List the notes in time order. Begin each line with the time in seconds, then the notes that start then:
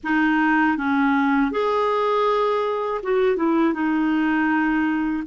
0.03 D#4
0.77 C#4
1.51 G#4
3.02 F#4
3.36 E4
3.73 D#4